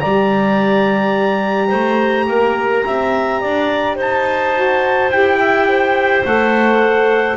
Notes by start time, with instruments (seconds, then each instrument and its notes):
0.00 double bass G3, saxophone G4, clarinet D5, trumpet A#5
1.68 double bass A3, clarinet C5
2.28 double bass A#3, clarinet A#4
2.86 double bass C4, clarinet E5
3.41 double bass D4, clarinet D5
3.96 double bass D#4, clarinet C5, trumpet A5
4.54 saxophone F#4
5.10 double bass E4, saxophone G4, trumpet G5
5.39 clarinet E5
5.68 clarinet C5
6.24 double bass A3, saxophone A4, trumpet F#5